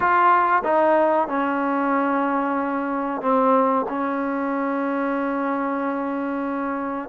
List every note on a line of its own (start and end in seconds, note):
0.00 0.62 F4
0.64 1.28 D#4
1.28 3.21 C#4
3.21 3.86 C4
3.89 7.09 C#4